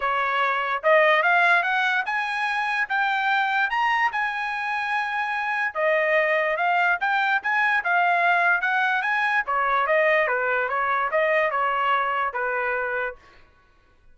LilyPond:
\new Staff \with { instrumentName = "trumpet" } { \time 4/4 \tempo 4 = 146 cis''2 dis''4 f''4 | fis''4 gis''2 g''4~ | g''4 ais''4 gis''2~ | gis''2 dis''2 |
f''4 g''4 gis''4 f''4~ | f''4 fis''4 gis''4 cis''4 | dis''4 b'4 cis''4 dis''4 | cis''2 b'2 | }